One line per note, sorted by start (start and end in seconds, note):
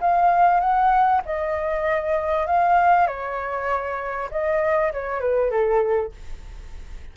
0.00 0.60 F5
0.60 1.21 F#5
1.25 2.46 D#5
2.46 3.07 F5
3.07 4.29 C#5
4.31 4.92 D#5
4.92 5.20 C#5
5.20 5.50 B4
5.50 6.11 A4